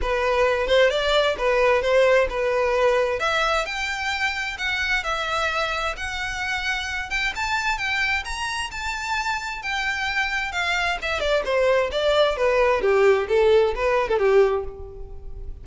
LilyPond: \new Staff \with { instrumentName = "violin" } { \time 4/4 \tempo 4 = 131 b'4. c''8 d''4 b'4 | c''4 b'2 e''4 | g''2 fis''4 e''4~ | e''4 fis''2~ fis''8 g''8 |
a''4 g''4 ais''4 a''4~ | a''4 g''2 f''4 | e''8 d''8 c''4 d''4 b'4 | g'4 a'4 b'8. a'16 g'4 | }